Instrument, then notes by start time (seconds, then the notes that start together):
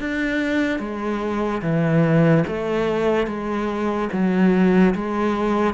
cello
0.00 D4
0.80 G#3
1.62 E3
2.47 A3
3.27 G#3
4.12 F#3
4.95 G#3